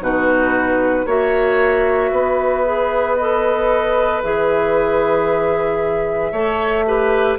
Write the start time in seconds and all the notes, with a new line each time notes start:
0.00 B2 D#4 F#4 B4
1.06 A#3 F#4 C#5 E5
2.11 B3 B4
2.64 G#4
3.16 A4 D#5
4.23 E3 G#4 E5
6.32 A3 A4 C#5
6.86 G4 B4